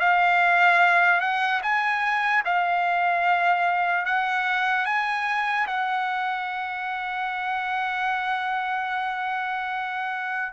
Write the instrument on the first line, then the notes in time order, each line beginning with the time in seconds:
trumpet
0.00 F5
1.21 F#5
1.63 G#5
2.45 F5
4.06 F#5
4.86 G#5
5.67 F#5